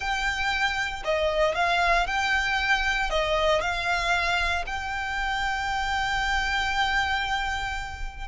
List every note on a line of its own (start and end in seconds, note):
0.00 1.03 G5
1.04 1.54 D#5
1.54 2.06 F5
2.06 3.09 G5
3.09 3.61 D#5
3.61 4.64 F5
4.66 8.27 G5